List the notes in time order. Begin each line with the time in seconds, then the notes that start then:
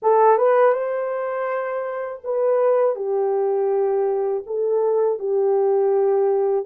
0.02 A4
0.37 B4
0.73 C5
2.24 B4
2.95 G4
4.46 A4
5.19 G4